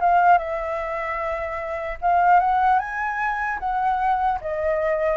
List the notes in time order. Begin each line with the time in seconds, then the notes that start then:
0.00 F5
0.38 E5
2.01 F5
2.40 F#5
2.79 G#5
3.59 F#5
4.41 D#5